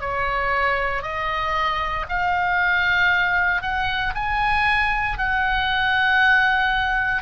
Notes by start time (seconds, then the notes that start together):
0.00 C#5
1.02 D#5
2.08 F5
3.62 F#5
4.14 G#5
5.18 F#5